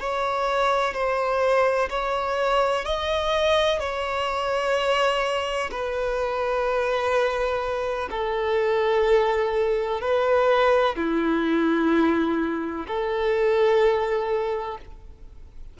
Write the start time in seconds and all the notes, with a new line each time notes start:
0.00 C#5
0.94 C5
1.90 C#5
2.85 D#5
3.80 C#5
5.71 B4
8.11 A4
10.01 B4
10.96 E4
12.87 A4